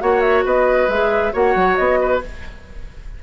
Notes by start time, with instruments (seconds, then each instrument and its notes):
0.00 bassoon A#3, clarinet F#4, oboe C#5, flute F#5
0.20 flute E5
0.45 bassoon B3, oboe B4, flute D#5
0.88 bassoon G#3, clarinet G#4, flute E5
1.33 bassoon A#3, clarinet F#4, oboe C#5, flute F#5
1.55 bassoon F#3
1.76 bassoon B3, flute D#5
2.01 oboe B4